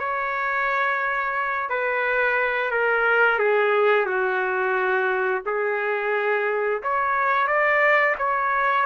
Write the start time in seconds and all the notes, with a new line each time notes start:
0.00 C#5
1.70 B4
2.71 A#4
3.40 G#4
4.06 F#4
5.46 G#4
6.83 C#5
7.48 D5
8.19 C#5